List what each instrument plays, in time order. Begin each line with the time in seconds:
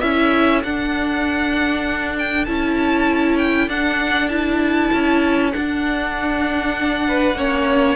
0.00 cello C#4, viola E4, violin A4 E5
0.63 cello D4, viola D4, violin F#5
2.19 violin G5
2.45 cello C#4, viola E4, violin A5
3.38 violin G5
3.68 cello D4, viola D4, violin F#5
4.28 viola E4, violin A5
4.93 cello C#4
5.52 viola D4, cello D4, violin F#5
7.08 violin B4
7.34 cello A#3, viola C#4, violin C#5